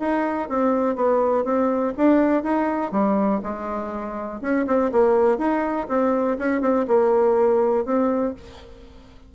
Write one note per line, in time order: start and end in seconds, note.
0.00 0.49 D#4
0.49 0.96 C4
0.96 1.45 B3
1.45 1.94 C4
1.98 2.43 D4
2.43 2.92 D#4
2.92 3.41 G3
3.43 4.42 G#3
4.42 4.66 C#4
4.67 4.92 C4
4.92 5.38 A#3
5.38 5.87 D#4
5.89 6.38 C4
6.39 6.61 C#4
6.61 6.86 C4
6.88 7.85 A#3
7.85 8.35 C4